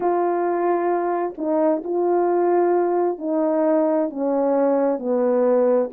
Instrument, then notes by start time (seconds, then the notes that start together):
horn
0.00 F4
1.37 D#4
1.83 F4
3.18 D#4
4.09 C#4
4.98 B3